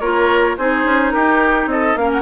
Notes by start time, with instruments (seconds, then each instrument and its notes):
0.00 bassoon A#3, clarinet F4, oboe A#4, flute C#5
0.57 bassoon C4, clarinet D#4, oboe G#4, flute C5
0.84 bassoon C#4
1.11 bassoon D#4, oboe G4, flute A#4
1.66 bassoon C4, oboe A4, flute D#5
1.95 bassoon A#3, clarinet C#4, oboe A#4, flute F5
2.12 flute F#5